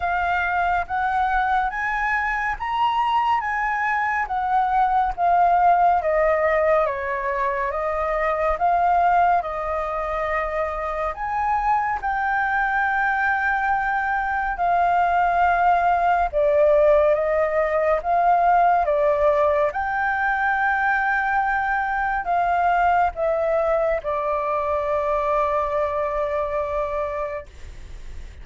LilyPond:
\new Staff \with { instrumentName = "flute" } { \time 4/4 \tempo 4 = 70 f''4 fis''4 gis''4 ais''4 | gis''4 fis''4 f''4 dis''4 | cis''4 dis''4 f''4 dis''4~ | dis''4 gis''4 g''2~ |
g''4 f''2 d''4 | dis''4 f''4 d''4 g''4~ | g''2 f''4 e''4 | d''1 | }